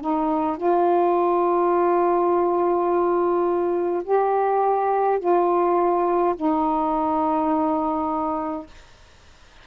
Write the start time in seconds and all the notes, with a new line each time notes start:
0.00 D#4
0.57 F4
4.04 G4
5.19 F4
6.35 D#4